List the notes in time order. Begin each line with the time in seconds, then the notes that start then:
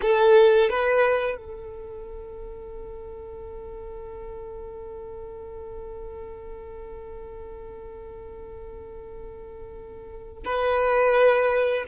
0.01 A4
0.69 B4
1.36 A4
10.44 B4